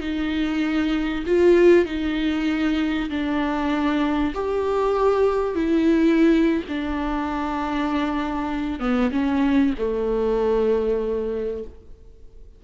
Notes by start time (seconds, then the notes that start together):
0.00 D#4
1.26 F4
1.85 D#4
3.09 D4
4.34 G4
5.54 E4
6.68 D4
8.79 B3
9.11 C#4
9.78 A3